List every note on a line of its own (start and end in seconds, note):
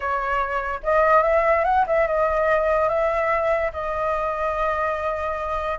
0.00 0.80 C#5
0.83 1.23 D#5
1.23 1.64 E5
1.64 1.85 F#5
1.86 2.07 E5
2.07 2.89 D#5
2.89 3.71 E5
3.72 5.78 D#5